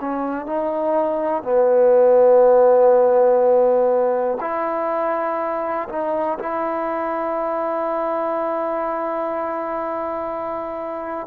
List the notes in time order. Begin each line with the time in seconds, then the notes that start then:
0.00 C#4
0.46 D#4
1.43 B3
4.40 E4
5.89 D#4
6.38 E4